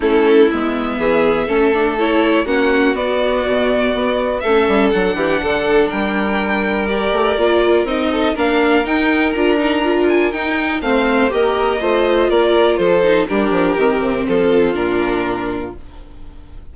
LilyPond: <<
  \new Staff \with { instrumentName = "violin" } { \time 4/4 \tempo 4 = 122 a'4 e''2. | cis''4 fis''4 d''2~ | d''4 e''4 fis''2 | g''2 d''2 |
dis''4 f''4 g''4 ais''4~ | ais''8 gis''8 g''4 f''4 dis''4~ | dis''4 d''4 c''4 ais'4~ | ais'4 a'4 ais'2 | }
  \new Staff \with { instrumentName = "violin" } { \time 4/4 e'2 gis'4 a'4~ | a'4 fis'2.~ | fis'4 a'4. g'8 a'4 | ais'1~ |
ais'8 a'8 ais'2.~ | ais'2 c''4 ais'4 | c''4 ais'4 a'4 g'4~ | g'4 f'2. | }
  \new Staff \with { instrumentName = "viola" } { \time 4/4 cis'4 b2 cis'8 d'8 | e'4 cis'4 b2~ | b4 cis'4 d'2~ | d'2 g'4 f'4 |
dis'4 d'4 dis'4 f'8 dis'8 | f'4 dis'4 c'4 g'4 | f'2~ f'8 dis'8 d'4 | c'2 d'2 | }
  \new Staff \with { instrumentName = "bassoon" } { \time 4/4 a4 gis4 e4 a4~ | a4 ais4 b4 b,4 | b4 a8 g8 fis8 e8 d4 | g2~ g8 a8 ais4 |
c'4 ais4 dis'4 d'4~ | d'4 dis'4 a4 ais4 | a4 ais4 f4 g8 f8 | dis8 c8 f4 ais,2 | }
>>